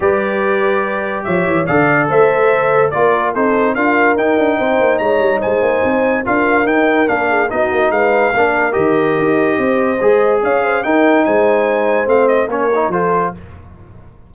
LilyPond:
<<
  \new Staff \with { instrumentName = "trumpet" } { \time 4/4 \tempo 4 = 144 d''2. e''4 | f''4 e''2 d''4 | c''4 f''4 g''2 | ais''4 gis''2 f''4 |
g''4 f''4 dis''4 f''4~ | f''4 dis''2.~ | dis''4 f''4 g''4 gis''4~ | gis''4 f''8 dis''8 cis''4 c''4 | }
  \new Staff \with { instrumentName = "horn" } { \time 4/4 b'2. cis''4 | d''4 c''2 ais'4 | a'4 ais'2 c''4 | cis''4 c''2 ais'4~ |
ais'4. gis'8 fis'4 b'4 | ais'2. c''4~ | c''4 cis''8 c''8 ais'4 c''4~ | c''2 ais'4 a'4 | }
  \new Staff \with { instrumentName = "trombone" } { \time 4/4 g'1 | a'2. f'4 | dis'4 f'4 dis'2~ | dis'2. f'4 |
dis'4 d'4 dis'2 | d'4 g'2. | gis'2 dis'2~ | dis'4 c'4 cis'8 dis'8 f'4 | }
  \new Staff \with { instrumentName = "tuba" } { \time 4/4 g2. f8 e8 | d4 a2 ais4 | c'4 d'4 dis'8 d'8 c'8 ais8 | gis8 g8 gis8 ais8 c'4 d'4 |
dis'4 ais4 b8 ais8 gis4 | ais4 dis4 dis'4 c'4 | gis4 cis'4 dis'4 gis4~ | gis4 a4 ais4 f4 | }
>>